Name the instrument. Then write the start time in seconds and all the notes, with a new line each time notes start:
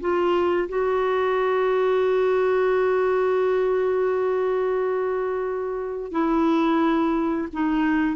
clarinet
0.00 F4
0.68 F#4
6.11 E4
7.52 D#4